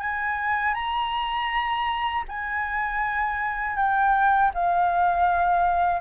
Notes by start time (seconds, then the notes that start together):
0.00 G#5
0.74 A#5
2.28 G#5
3.76 G5
4.54 F5